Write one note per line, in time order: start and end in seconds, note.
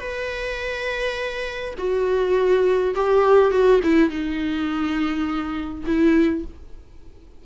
0.00 1.75 B4
1.78 2.95 F#4
2.96 3.52 G4
3.52 3.81 F#4
3.84 4.10 E4
4.10 5.85 D#4
5.87 6.45 E4